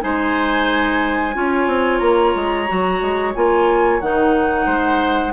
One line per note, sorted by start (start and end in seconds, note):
0.00 1.35 G#3
0.00 1.33 D#4
0.00 1.36 C5
0.00 1.99 G#5
1.34 1.67 C#4
1.34 2.67 F4
1.34 4.66 C#5
1.67 2.00 C4
1.99 2.34 A#3
1.99 3.32 A#5
2.35 2.69 G#3
2.67 3.01 F#3
2.67 3.34 F#4
3.01 3.35 G#3
3.35 4.02 A#3
3.35 4.01 F4
3.35 4.00 G#5
4.00 4.66 D#3
4.00 5.33 D#4
4.00 5.33 F#5
4.66 5.33 G#3
4.66 5.32 C5